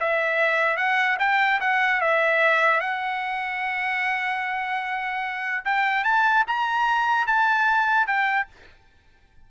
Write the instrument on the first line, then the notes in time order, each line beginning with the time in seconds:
trumpet
0.00 E5
0.77 F#5
1.19 G5
1.61 F#5
2.01 E5
2.80 F#5
5.65 G5
6.04 A5
6.47 A#5
7.27 A5
8.07 G5